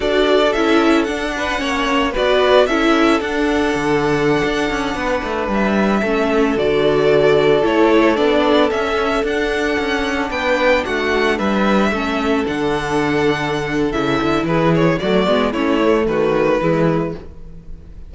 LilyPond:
<<
  \new Staff \with { instrumentName = "violin" } { \time 4/4 \tempo 4 = 112 d''4 e''4 fis''2 | d''4 e''4 fis''2~ | fis''2~ fis''16 e''4.~ e''16~ | e''16 d''2 cis''4 d''8.~ |
d''16 e''4 fis''2 g''8.~ | g''16 fis''4 e''2 fis''8.~ | fis''2 e''4 b'8 cis''8 | d''4 cis''4 b'2 | }
  \new Staff \with { instrumentName = "violin" } { \time 4/4 a'2~ a'8 b'8 cis''4 | b'4 a'2.~ | a'4~ a'16 b'2 a'8.~ | a'1~ |
a'2.~ a'16 b'8.~ | b'16 fis'4 b'4 a'4.~ a'16~ | a'2. gis'4 | fis'4 e'4 fis'4 e'4 | }
  \new Staff \with { instrumentName = "viola" } { \time 4/4 fis'4 e'4 d'4 cis'4 | fis'4 e'4 d'2~ | d'2.~ d'16 cis'8.~ | cis'16 fis'2 e'4 d'8.~ |
d'16 cis'4 d'2~ d'8.~ | d'2~ d'16 cis'4 d'8.~ | d'2 e'2 | a8 b8 cis'8 a4. gis4 | }
  \new Staff \with { instrumentName = "cello" } { \time 4/4 d'4 cis'4 d'4 ais4 | b4 cis'4 d'4 d4~ | d16 d'8 cis'8 b8 a8 g4 a8.~ | a16 d2 a4 b8.~ |
b16 cis'4 d'4 cis'4 b8.~ | b16 a4 g4 a4 d8.~ | d2 cis8 d8 e4 | fis8 gis8 a4 dis4 e4 | }
>>